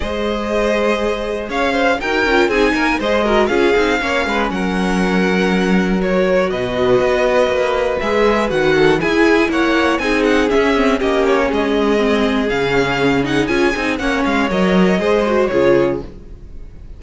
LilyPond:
<<
  \new Staff \with { instrumentName = "violin" } { \time 4/4 \tempo 4 = 120 dis''2. f''4 | g''4 gis''4 dis''4 f''4~ | f''4 fis''2. | cis''4 dis''2. |
e''4 fis''4 gis''4 fis''4 | gis''8 fis''8 e''4 dis''8 cis''8 dis''4~ | dis''4 f''4. fis''8 gis''4 | fis''8 f''8 dis''2 cis''4 | }
  \new Staff \with { instrumentName = "violin" } { \time 4/4 c''2. cis''8 c''8 | ais'4 gis'8 ais'8 c''8 ais'8 gis'4 | cis''8 b'8 ais'2.~ | ais'4 b'2.~ |
b'4. a'8 gis'4 cis''4 | gis'2 g'4 gis'4~ | gis'1 | cis''2 c''4 gis'4 | }
  \new Staff \with { instrumentName = "viola" } { \time 4/4 gis'1 | fis'8 f'8 dis'4 gis'8 fis'8 f'8 dis'8 | cis'1 | fis'1 |
gis'4 fis'4 e'2 | dis'4 cis'8 c'8 cis'2 | c'4 cis'4. dis'8 f'8 dis'8 | cis'4 ais'4 gis'8 fis'8 f'4 | }
  \new Staff \with { instrumentName = "cello" } { \time 4/4 gis2. cis'4 | dis'8 cis'8 c'8 ais8 gis4 cis'8 c'8 | ais8 gis8 fis2.~ | fis4 b,4 b4 ais4 |
gis4 dis4 e'4 ais4 | c'4 cis'4 ais4 gis4~ | gis4 cis2 cis'8 c'8 | ais8 gis8 fis4 gis4 cis4 | }
>>